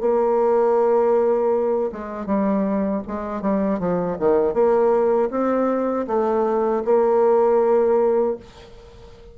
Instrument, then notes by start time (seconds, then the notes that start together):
bassoon
0.00 A#3
1.92 G#3
2.25 G3
3.07 G#3
3.41 G3
3.79 F3
4.19 D#3
4.53 A#3
5.30 C4
6.07 A3
6.85 A#3